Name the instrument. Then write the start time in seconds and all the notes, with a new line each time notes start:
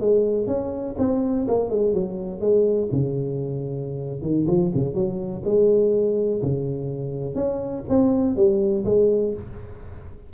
tuba
0.00 G#3
0.47 C#4
0.98 C4
1.48 A#3
1.70 G#3
1.94 F#3
2.41 G#3
2.92 C#3
4.22 D#3
4.47 F3
4.74 C#3
4.94 F#3
5.45 G#3
6.42 C#3
7.35 C#4
7.89 C4
8.36 G3
8.85 G#3